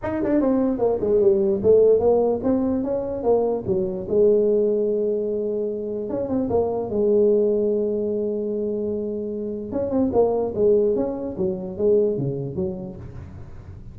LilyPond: \new Staff \with { instrumentName = "tuba" } { \time 4/4 \tempo 4 = 148 dis'8 d'8 c'4 ais8 gis8 g4 | a4 ais4 c'4 cis'4 | ais4 fis4 gis2~ | gis2. cis'8 c'8 |
ais4 gis2.~ | gis1 | cis'8 c'8 ais4 gis4 cis'4 | fis4 gis4 cis4 fis4 | }